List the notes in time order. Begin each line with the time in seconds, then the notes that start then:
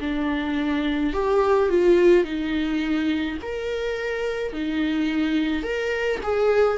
0.00 D4
1.13 G4
1.69 F4
2.25 D#4
3.42 A#4
4.53 D#4
5.63 A#4
6.23 G#4